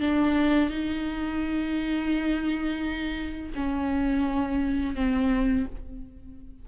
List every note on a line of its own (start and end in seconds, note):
0.00 0.69 D4
0.69 3.52 D#4
3.55 4.95 C#4
4.95 5.66 C4